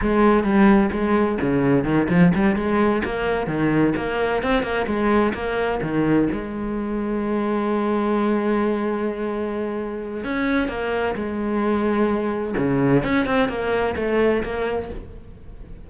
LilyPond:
\new Staff \with { instrumentName = "cello" } { \time 4/4 \tempo 4 = 129 gis4 g4 gis4 cis4 | dis8 f8 g8 gis4 ais4 dis8~ | dis8 ais4 c'8 ais8 gis4 ais8~ | ais8 dis4 gis2~ gis8~ |
gis1~ | gis2 cis'4 ais4 | gis2. cis4 | cis'8 c'8 ais4 a4 ais4 | }